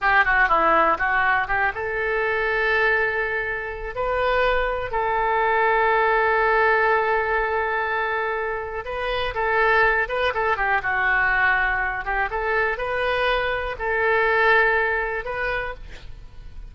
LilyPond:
\new Staff \with { instrumentName = "oboe" } { \time 4/4 \tempo 4 = 122 g'8 fis'8 e'4 fis'4 g'8 a'8~ | a'1 | b'2 a'2~ | a'1~ |
a'2 b'4 a'4~ | a'8 b'8 a'8 g'8 fis'2~ | fis'8 g'8 a'4 b'2 | a'2. b'4 | }